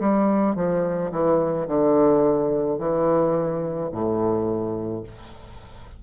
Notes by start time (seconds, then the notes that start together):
0.00 G3
0.56 F3
1.12 E3
1.68 D3
2.79 E3
3.92 A2